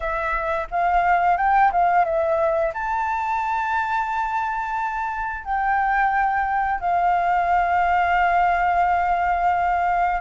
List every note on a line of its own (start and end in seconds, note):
0.00 0.67 E5
0.70 1.37 F5
1.37 1.71 G5
1.71 2.05 F5
2.05 2.73 E5
2.73 5.44 A5
5.44 6.80 G5
6.80 10.20 F5